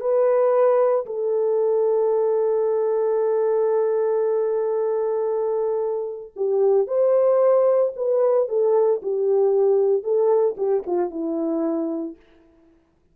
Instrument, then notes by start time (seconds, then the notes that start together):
horn
0.00 B4
1.06 A4
6.36 G4
6.87 C5
7.96 B4
8.48 A4
9.02 G4
10.03 A4
10.57 G4
10.86 F4
11.10 E4